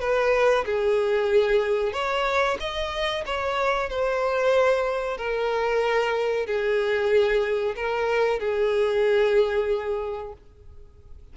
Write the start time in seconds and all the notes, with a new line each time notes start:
0.00 B4
0.66 G#4
1.93 C#5
2.60 D#5
3.26 C#5
3.89 C5
5.17 A#4
6.46 G#4
7.76 A#4
8.40 G#4